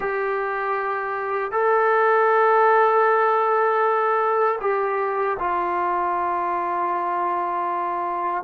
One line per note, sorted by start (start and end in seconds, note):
0.00 1.51 G4
1.51 4.59 A4
4.60 5.37 G4
5.39 8.43 F4